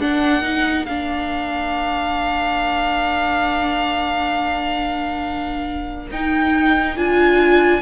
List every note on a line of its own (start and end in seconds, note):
0.00 6.11 A#3
0.00 0.42 D4
0.00 7.82 A#4
0.00 0.86 F#5
0.42 0.86 D#4
0.86 6.11 D4
0.86 6.08 F5
6.11 6.97 D#4
6.11 6.97 G5
6.97 7.82 D4
6.97 7.82 F4
6.97 7.82 G#5